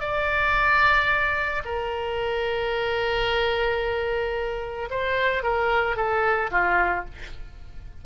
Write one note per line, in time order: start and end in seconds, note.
0.00 1.62 D5
1.65 4.89 A#4
4.90 5.43 C5
5.43 5.96 A#4
5.96 6.50 A4
6.51 7.05 F4